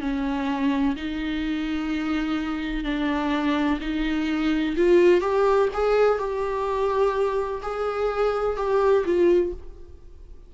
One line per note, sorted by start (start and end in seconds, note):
0.00 0.95 C#4
0.96 2.84 D#4
2.84 3.79 D4
3.81 4.76 D#4
4.76 5.21 F4
5.21 5.68 G4
5.74 6.18 G#4
6.18 7.61 G4
7.62 8.57 G#4
8.57 9.04 G4
9.05 9.53 F4